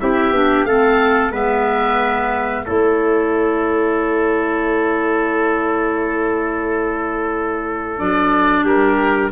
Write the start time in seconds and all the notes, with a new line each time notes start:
0.00 C4 E4 G4 E5
0.31 B3 D4
0.64 A3 C4 A4 F5
1.31 G#3 B3 B4 E5
2.65 A3 E4 A4 C#5
7.98 F#3 D4 D5
8.64 G3 G4 A#4